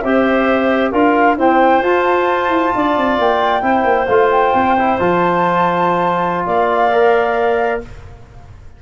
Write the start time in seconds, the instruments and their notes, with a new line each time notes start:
0.00 tuba C4, trombone G4, clarinet C5, flute E5
0.91 tuba D4, trombone F4, clarinet A#4, flute F5
1.37 trombone C4, tuba E4, clarinet C5, flute G5
1.81 tuba F4, trombone F4, flute A5
2.48 tuba E4
2.75 tuba D4, clarinet D5
2.97 tuba C4
3.18 tuba A#3, flute G5
3.61 tuba C4, trombone E4, clarinet C5
3.84 tuba A#3
4.07 tuba A3, trombone F4, flute F5
4.30 flute G5
4.53 tuba C4
4.78 trombone E4
4.99 tuba F3, trombone F4, flute A5
6.45 tuba A#3, clarinet D5, flute F5
6.91 trombone A#4